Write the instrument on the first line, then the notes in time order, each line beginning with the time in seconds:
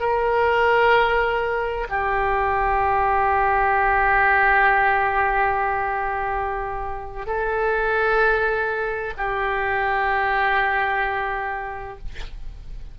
oboe
0.00 A#4
1.89 G4
7.26 A4
9.17 G4